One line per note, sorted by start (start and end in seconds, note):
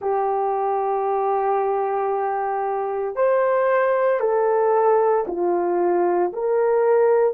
0.01 3.15 G4
3.15 4.20 C5
4.20 5.25 A4
5.27 6.32 F4
6.32 7.33 A#4